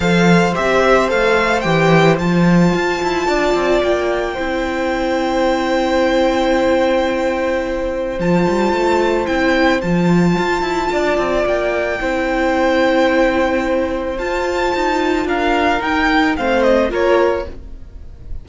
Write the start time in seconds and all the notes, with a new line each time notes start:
0.00 F3 A4 C5 F5
0.54 C4 G4 E5
1.08 A3 A4 F5
1.60 E3 G4 G5
2.17 F3 F4 A5
2.74 F4
3.02 E4
3.26 D4 D5
3.54 C4
3.82 A#3 G5
4.33 C4 E4 C5
8.19 F3 F4 A5
8.48 G3
8.72 A3
9.26 C4 E4 G5
9.81 F3 F4 A5
10.38 F4
10.61 E4
10.92 D4 D5
11.17 C4
11.45 A#3 G5
11.98 C4 E4 C5
14.18 F4 A5
14.74 D#4
15.25 D4 A#4 F5
15.80 D#4 G5
16.36 A3 C4 C5 F5
16.62 D#5
16.89 A#3 F4 A#4 C#5